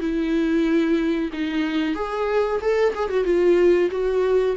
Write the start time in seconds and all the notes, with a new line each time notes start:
0.00 E4
1.33 D#4
1.95 G#4
2.61 A4
2.95 G#4
3.10 F#4
3.25 F4
3.91 F#4